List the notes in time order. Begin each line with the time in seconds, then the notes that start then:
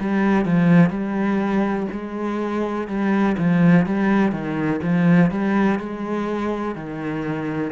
0.00 G3
0.45 F3
0.90 G3
1.91 G#3
2.88 G3
3.38 F3
3.86 G3
4.32 D#3
4.82 F3
5.30 G3
5.79 G#3
6.75 D#3